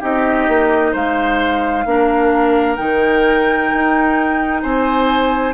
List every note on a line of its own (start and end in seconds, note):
0.00 0.48 C4
0.00 1.85 D#4
0.00 0.92 G4
0.00 0.95 D#5
0.48 0.94 A#3
0.92 1.86 G#3
0.92 1.84 C5
0.92 2.76 F5
1.86 2.78 A#3
1.86 2.77 D4
1.86 4.63 A#4
2.76 3.72 D#3
2.76 5.54 D#4
2.76 4.61 G5
3.73 4.64 D#4
4.63 5.54 C4
4.63 5.54 C5
4.63 5.54 G#5